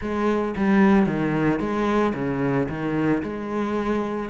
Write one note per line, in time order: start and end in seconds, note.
0.01 0.54 G#3
0.56 1.06 G3
1.06 1.59 D#3
1.59 2.13 G#3
2.14 2.68 C#3
2.68 3.22 D#3
3.22 4.29 G#3